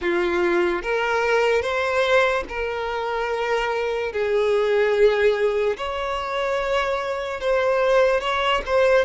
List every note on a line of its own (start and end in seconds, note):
0.01 0.82 F4
0.82 1.61 A#4
1.61 2.44 C5
2.48 4.12 A#4
4.12 5.76 G#4
5.77 7.40 C#5
7.40 8.20 C5
8.20 8.61 C#5
8.65 9.05 C5